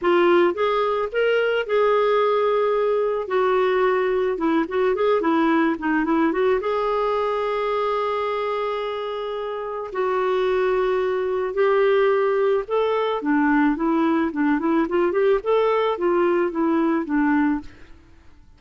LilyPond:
\new Staff \with { instrumentName = "clarinet" } { \time 4/4 \tempo 4 = 109 f'4 gis'4 ais'4 gis'4~ | gis'2 fis'2 | e'8 fis'8 gis'8 e'4 dis'8 e'8 fis'8 | gis'1~ |
gis'2 fis'2~ | fis'4 g'2 a'4 | d'4 e'4 d'8 e'8 f'8 g'8 | a'4 f'4 e'4 d'4 | }